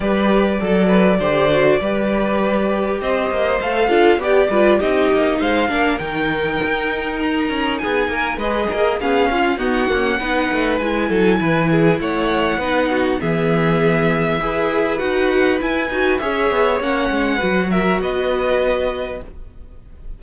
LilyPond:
<<
  \new Staff \with { instrumentName = "violin" } { \time 4/4 \tempo 4 = 100 d''1~ | d''4 dis''4 f''4 d''4 | dis''4 f''4 g''2 | ais''4 gis''4 dis''4 f''4 |
fis''2 gis''2 | fis''2 e''2~ | e''4 fis''4 gis''4 e''4 | fis''4. e''8 dis''2 | }
  \new Staff \with { instrumentName = "violin" } { \time 4/4 b'4 a'8 b'8 c''4 b'4~ | b'4 c''4. a'8 g'8 b'8 | g'4 c''8 ais'2~ ais'8~ | ais'4 gis'8 ais'8 b'8 ais'8 gis'8 f'8 |
fis'4 b'4. a'8 b'8 gis'8 | cis''4 b'8 fis'8 gis'2 | b'2. cis''4~ | cis''4 b'8 ais'8 b'2 | }
  \new Staff \with { instrumentName = "viola" } { \time 4/4 g'4 a'4 g'8 fis'8 g'4~ | g'2 a'8 f'8 g'8 f'8 | dis'4. d'8 dis'2~ | dis'2 gis'4 cis'4 |
b8 ais8 dis'4 e'2~ | e'4 dis'4 b2 | gis'4 fis'4 e'8 fis'8 gis'4 | cis'4 fis'2. | }
  \new Staff \with { instrumentName = "cello" } { \time 4/4 g4 fis4 d4 g4~ | g4 c'8 ais8 a8 d'8 b8 g8 | c'8 ais8 gis8 ais8 dis4 dis'4~ | dis'8 cis'8 b8 ais8 gis8 ais8 b8 cis'8 |
dis'8 cis'8 b8 a8 gis8 fis8 e4 | a4 b4 e2 | e'4 dis'4 e'8 dis'8 cis'8 b8 | ais8 gis8 fis4 b2 | }
>>